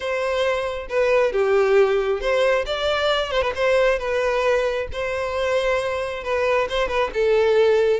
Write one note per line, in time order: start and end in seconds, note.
0.00 0.87 C5
0.89 1.32 B4
1.32 2.20 G4
2.20 2.65 C5
2.66 3.31 D5
3.31 3.41 C5
3.41 3.53 B4
3.55 3.98 C5
3.98 4.87 B4
4.92 6.23 C5
6.23 6.68 B4
6.69 6.88 C5
6.88 7.10 B4
7.13 8.00 A4